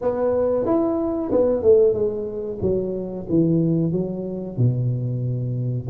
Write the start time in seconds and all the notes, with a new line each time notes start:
0.01 B3
0.65 E4
1.31 B3
1.62 A3
1.93 G#3
2.61 F#3
3.29 E3
3.91 F#3
4.57 B2